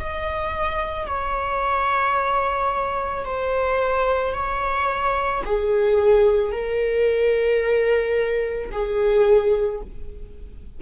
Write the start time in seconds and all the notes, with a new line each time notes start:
0.00 D#5
1.07 C#5
3.25 C5
4.34 C#5
5.45 G#4
6.53 A#4
8.72 G#4